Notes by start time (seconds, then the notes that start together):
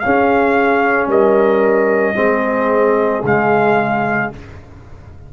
0.00 C#4 G#4 F5
1.08 G3 A#4 D#5
2.15 G#3 C4 G#4
3.23 C#3 G#3 F5